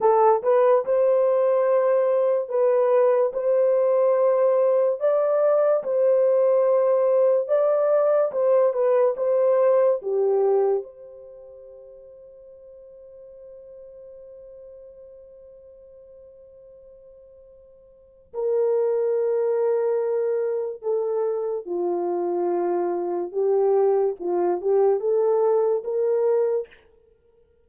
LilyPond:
\new Staff \with { instrumentName = "horn" } { \time 4/4 \tempo 4 = 72 a'8 b'8 c''2 b'4 | c''2 d''4 c''4~ | c''4 d''4 c''8 b'8 c''4 | g'4 c''2.~ |
c''1~ | c''2 ais'2~ | ais'4 a'4 f'2 | g'4 f'8 g'8 a'4 ais'4 | }